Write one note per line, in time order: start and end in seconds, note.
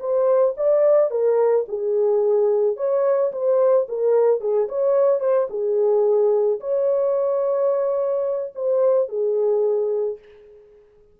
0.00 0.55 C5
0.57 1.11 D5
1.11 1.66 A#4
1.68 2.77 G#4
2.77 3.32 C#5
3.32 3.87 C5
3.89 4.41 A#4
4.41 4.68 G#4
4.69 5.21 C#5
5.21 5.48 C5
5.50 6.60 G#4
6.61 8.53 C#5
8.55 9.09 C5
9.09 10.19 G#4